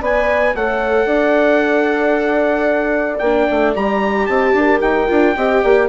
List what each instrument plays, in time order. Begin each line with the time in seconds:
0.00 bassoon B3, viola B4, horn D5, trumpet G#5
0.54 bassoon A3, viola A4, horn C#5, trumpet F#5
1.05 bassoon D4, horn D5
3.18 bassoon A#3, trumpet G5
3.24 viola D4
3.50 bassoon A3
3.75 bassoon G3, viola G4, trumpet A#5
4.26 bassoon C4, horn D#5, trumpet A5
4.53 bassoon D4, horn A#4
4.81 bassoon D#4, trumpet G5
5.07 bassoon D4, viola F4
5.36 bassoon C4, viola G4, horn D#5
5.63 bassoon A#3, horn D5